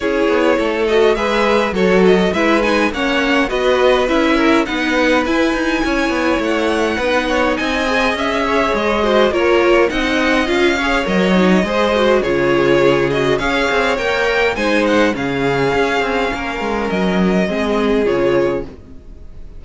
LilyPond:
<<
  \new Staff \with { instrumentName = "violin" } { \time 4/4 \tempo 4 = 103 cis''4. dis''8 e''4 cis''8 dis''8 | e''8 gis''8 fis''4 dis''4 e''4 | fis''4 gis''2 fis''4~ | fis''4 gis''4 e''4 dis''4 |
cis''4 fis''4 f''4 dis''4~ | dis''4 cis''4. dis''8 f''4 | g''4 gis''8 fis''8 f''2~ | f''4 dis''2 cis''4 | }
  \new Staff \with { instrumentName = "violin" } { \time 4/4 gis'4 a'4 b'4 a'4 | b'4 cis''4 b'4. ais'8 | b'2 cis''2 | b'8 cis''8 dis''4. cis''4 c''8 |
ais'4 dis''4. cis''4. | c''4 gis'2 cis''4~ | cis''4 c''4 gis'2 | ais'2 gis'2 | }
  \new Staff \with { instrumentName = "viola" } { \time 4/4 e'4. fis'8 gis'4 fis'4 | e'8 dis'8 cis'4 fis'4 e'4 | dis'4 e'2. | dis'4. gis'2 fis'8 |
f'4 dis'4 f'8 gis'8 ais'8 dis'8 | gis'8 fis'8 f'4. fis'8 gis'4 | ais'4 dis'4 cis'2~ | cis'2 c'4 f'4 | }
  \new Staff \with { instrumentName = "cello" } { \time 4/4 cis'8 b8 a4 gis4 fis4 | gis4 ais4 b4 cis'4 | b4 e'8 dis'8 cis'8 b8 a4 | b4 c'4 cis'4 gis4 |
ais4 c'4 cis'4 fis4 | gis4 cis2 cis'8 c'8 | ais4 gis4 cis4 cis'8 c'8 | ais8 gis8 fis4 gis4 cis4 | }
>>